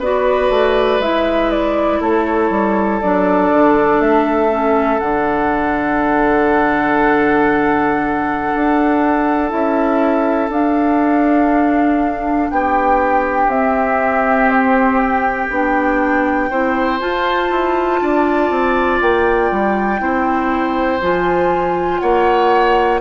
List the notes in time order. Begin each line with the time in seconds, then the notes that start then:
0.00 B3 F#4 B4 D5
0.50 A3
1.00 G#3 E4 E5
1.51 D5
2.01 A3 A4 C#5
2.51 G3
3.02 F#3 D4 D5
3.53 D3
4.00 A3 E5
4.50 C#4
5.00 D3 D4 F#5
8.56 D4
9.50 C#4 E4 E5
10.50 D4 F5
12.51 B3 G4 G5
13.47 C4 E5
14.50 C5
14.99 G5
15.51 B3 D4
16.51 C4 E4 C5
17.00 F4 A5
17.51 E4
18.01 D4 D5
18.50 C4
19.01 A#3 G5
19.51 G3
19.99 C4 E4 C5
21.01 F3 F4 G#5
22.00 A#3 C#5 F#5